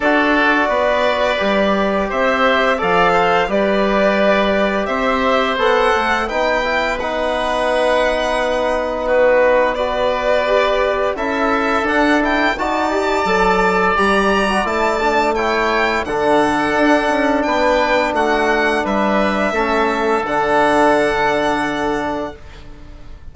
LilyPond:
<<
  \new Staff \with { instrumentName = "violin" } { \time 4/4 \tempo 4 = 86 d''2. e''4 | f''4 d''2 e''4 | fis''4 g''4 fis''2~ | fis''4 b'4 d''2 |
e''4 fis''8 g''8 a''2 | ais''4 a''4 g''4 fis''4~ | fis''4 g''4 fis''4 e''4~ | e''4 fis''2. | }
  \new Staff \with { instrumentName = "oboe" } { \time 4/4 a'4 b'2 c''4 | d''8 c''8 b'2 c''4~ | c''4 b'2.~ | b'4 fis'4 b'2 |
a'2 d''2~ | d''2 cis''4 a'4~ | a'4 b'4 fis'4 b'4 | a'1 | }
  \new Staff \with { instrumentName = "trombone" } { \time 4/4 fis'2 g'2 | a'4 g'2. | a'4 dis'8 e'8 dis'2~ | dis'2 fis'4 g'4 |
e'4 d'8 e'8 fis'8 g'8 a'4 | g'8. fis'16 e'8 d'8 e'4 d'4~ | d'1 | cis'4 d'2. | }
  \new Staff \with { instrumentName = "bassoon" } { \time 4/4 d'4 b4 g4 c'4 | f4 g2 c'4 | b8 a8 b2.~ | b1 |
cis'4 d'4 dis'4 fis4 | g4 a2 d4 | d'8 cis'8 b4 a4 g4 | a4 d2. | }
>>